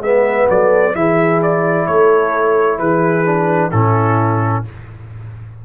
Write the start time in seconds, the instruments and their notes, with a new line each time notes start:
0.00 tuba G#3, trombone B3, horn B4, trumpet E5
0.50 tuba F#3, horn A4, trumpet D5
0.95 tuba E3, trombone E4, horn G#4, trumpet E5
1.43 trumpet D5
1.87 tuba A3, horn A4, trumpet C#5
2.79 tuba E3, horn G#4, trumpet B4
3.25 trombone D4
3.72 tuba A2, trombone C#4, horn E4, trumpet A4